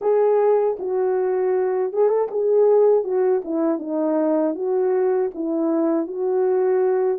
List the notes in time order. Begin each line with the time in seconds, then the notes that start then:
0.01 G#4
0.79 F#4
1.92 G#4
2.09 A4
2.30 G#4
3.03 F#4
3.44 E4
3.78 D#4
4.55 F#4
5.34 E4
6.07 F#4